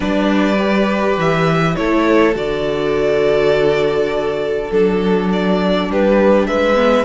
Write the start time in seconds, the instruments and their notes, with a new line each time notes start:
0.00 cello G3, viola D4, violin B4 D5
0.58 viola G4
1.17 cello E3, violin E5
1.75 cello A3, viola E4, violin A4 C#5
2.33 cello D3, viola F#4, violin D5
4.71 cello F#3, viola D4, violin A4
5.32 violin D5
5.88 cello G3, violin G4 B4
6.46 cello G#3, violin B4 E5
6.75 viola B3